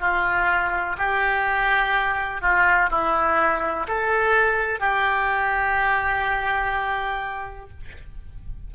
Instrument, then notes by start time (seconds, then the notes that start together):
oboe
0.00 F4
0.98 G4
2.41 F4
2.90 E4
3.88 A4
4.80 G4